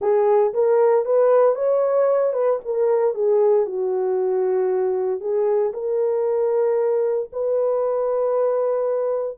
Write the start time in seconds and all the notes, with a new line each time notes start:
0.01 G#4
0.53 A#4
1.05 B4
1.55 C#5
2.33 B4
2.64 A#4
3.14 G#4
3.65 F#4
5.20 G#4
5.72 A#4
7.32 B4